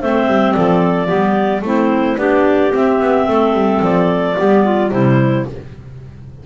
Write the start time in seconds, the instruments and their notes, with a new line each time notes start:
0.00 double bass A3, clarinet C4 C5 E5
0.28 double bass G3
0.53 double bass F3, clarinet A4 D5
1.07 double bass G3, clarinet B3 G4
1.62 double bass A3, clarinet C4 E4 C5
2.18 double bass B3, clarinet D4 G4 D5
2.71 clarinet C4 E5, double bass C4
3.01 double bass B3
3.28 double bass A3, clarinet A4
3.54 double bass G3
3.82 double bass F3, clarinet D5
4.36 double bass G3, clarinet B3 G4
4.65 clarinet F4
4.91 double bass C3, clarinet G3 E4 C5